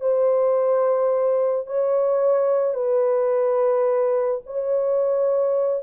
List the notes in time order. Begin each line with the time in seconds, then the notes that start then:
0.00 C5
1.67 C#5
2.74 B4
4.46 C#5